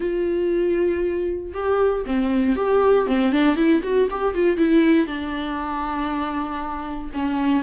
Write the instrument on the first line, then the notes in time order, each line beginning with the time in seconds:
viola
0.00 F4
1.53 G4
2.05 C4
2.56 G4
3.06 C4
3.32 D4
3.55 E4
3.83 F#4
4.10 G4
4.34 F4
4.57 E4
5.06 D4
7.13 C#4